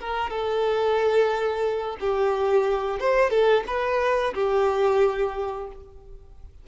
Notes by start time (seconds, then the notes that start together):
0.00 A#4
0.30 A4
2.00 G4
3.00 C5
3.30 A4
3.67 B4
4.34 G4